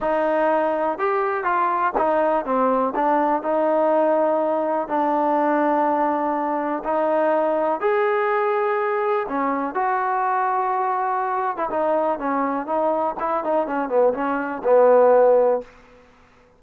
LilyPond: \new Staff \with { instrumentName = "trombone" } { \time 4/4 \tempo 4 = 123 dis'2 g'4 f'4 | dis'4 c'4 d'4 dis'4~ | dis'2 d'2~ | d'2 dis'2 |
gis'2. cis'4 | fis'2.~ fis'8. e'16 | dis'4 cis'4 dis'4 e'8 dis'8 | cis'8 b8 cis'4 b2 | }